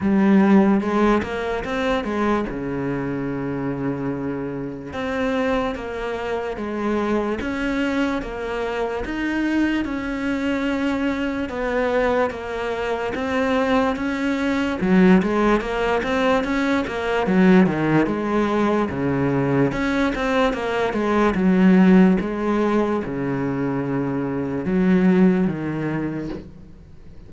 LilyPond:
\new Staff \with { instrumentName = "cello" } { \time 4/4 \tempo 4 = 73 g4 gis8 ais8 c'8 gis8 cis4~ | cis2 c'4 ais4 | gis4 cis'4 ais4 dis'4 | cis'2 b4 ais4 |
c'4 cis'4 fis8 gis8 ais8 c'8 | cis'8 ais8 fis8 dis8 gis4 cis4 | cis'8 c'8 ais8 gis8 fis4 gis4 | cis2 fis4 dis4 | }